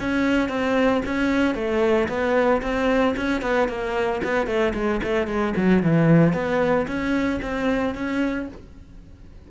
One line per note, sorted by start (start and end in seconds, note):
0.00 0.49 C#4
0.49 1.02 C4
1.05 1.55 C#4
1.55 2.08 A3
2.08 2.61 B3
2.62 3.15 C4
3.16 3.42 C#4
3.42 3.68 B3
3.68 4.21 A#3
4.24 4.46 B3
4.46 4.73 A3
4.74 5.01 G#3
5.03 5.27 A3
5.27 5.53 G#3
5.56 5.83 F#3
5.83 6.33 E3
6.33 6.86 B3
6.87 7.40 C#4
7.42 7.95 C4
7.95 8.48 C#4